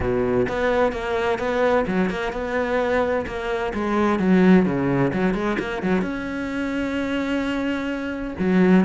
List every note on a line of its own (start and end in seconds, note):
0.00 0.47 B2
0.48 0.92 B3
0.92 1.38 A#3
1.38 1.85 B3
1.86 2.10 F#3
2.10 2.32 A#3
2.32 3.25 B3
3.26 3.73 A#3
3.73 4.19 G#3
4.19 4.65 F#3
4.65 5.12 C#3
5.13 5.34 F#3
5.34 5.57 G#3
5.59 5.82 A#3
5.82 6.01 F#3
6.01 8.34 C#4
8.39 8.85 F#3